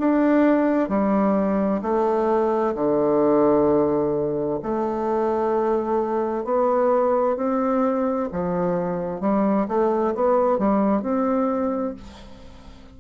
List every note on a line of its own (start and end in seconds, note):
0.00 0.89 D4
0.89 1.82 G3
1.83 2.75 A3
2.76 4.60 D3
4.63 6.45 A3
6.45 7.37 B3
7.37 8.29 C4
8.32 9.21 F3
9.21 9.67 G3
9.68 10.15 A3
10.15 10.59 B3
10.59 11.03 G3
11.03 11.95 C4